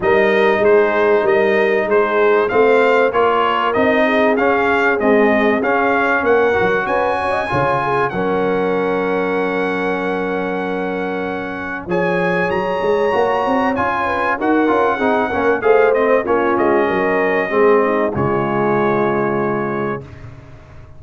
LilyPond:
<<
  \new Staff \with { instrumentName = "trumpet" } { \time 4/4 \tempo 4 = 96 dis''4 c''4 dis''4 c''4 | f''4 cis''4 dis''4 f''4 | dis''4 f''4 fis''4 gis''4~ | gis''4 fis''2.~ |
fis''2. gis''4 | ais''2 gis''4 fis''4~ | fis''4 f''8 dis''8 cis''8 dis''4.~ | dis''4 cis''2. | }
  \new Staff \with { instrumentName = "horn" } { \time 4/4 ais'4 gis'4 ais'4 gis'4 | c''4 ais'4. gis'4.~ | gis'2 ais'4 b'8 cis''16 dis''16 | cis''8 gis'8 ais'2.~ |
ais'2. cis''4~ | cis''2~ cis''8 b'8 ais'4 | gis'8 ais'8 c''4 f'4 ais'4 | gis'8 dis'8 f'2. | }
  \new Staff \with { instrumentName = "trombone" } { \time 4/4 dis'1 | c'4 f'4 dis'4 cis'4 | gis4 cis'4. fis'4. | f'4 cis'2.~ |
cis'2. gis'4~ | gis'4 fis'4 f'4 fis'8 f'8 | dis'8 cis'8 gis'8 c'8 cis'2 | c'4 gis2. | }
  \new Staff \with { instrumentName = "tuba" } { \time 4/4 g4 gis4 g4 gis4 | a4 ais4 c'4 cis'4 | c'4 cis'4 ais8 fis8 cis'4 | cis4 fis2.~ |
fis2. f4 | fis8 gis8 ais8 c'8 cis'4 dis'8 cis'8 | c'8 ais8 a4 ais8 gis8 fis4 | gis4 cis2. | }
>>